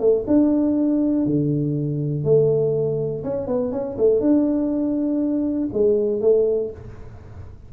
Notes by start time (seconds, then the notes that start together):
0.00 A3
0.27 D4
1.26 D3
2.24 A3
3.24 C#4
3.48 B3
3.72 C#4
3.98 A3
4.21 D4
5.73 G#3
6.21 A3